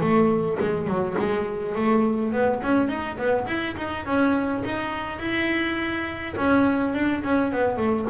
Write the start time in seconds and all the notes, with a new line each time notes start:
0.00 A3
0.60 G#3
0.87 F#3
1.19 G#3
1.75 A3
2.32 B3
2.62 C#4
2.88 D#4
3.17 B3
3.46 E4
3.77 D#4
4.05 C#4
4.64 D#4
5.19 E4
6.36 C#4
6.94 D4
7.23 C#4
7.52 B3
7.77 A3